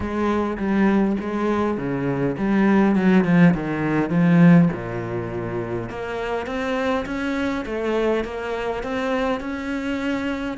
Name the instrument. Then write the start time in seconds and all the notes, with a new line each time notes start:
cello
0.00 G#3
0.57 G3
1.20 G#3
1.77 C#3
2.37 G3
2.95 F#3
3.24 F3
3.53 D#3
4.09 F3
4.72 A#2
5.89 A#3
6.46 C4
7.05 C#4
7.65 A3
8.24 A#3
8.83 C4
9.40 C#4